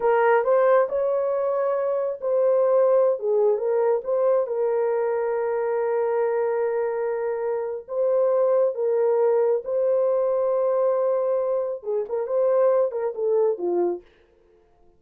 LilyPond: \new Staff \with { instrumentName = "horn" } { \time 4/4 \tempo 4 = 137 ais'4 c''4 cis''2~ | cis''4 c''2~ c''16 gis'8.~ | gis'16 ais'4 c''4 ais'4.~ ais'16~ | ais'1~ |
ais'2 c''2 | ais'2 c''2~ | c''2. gis'8 ais'8 | c''4. ais'8 a'4 f'4 | }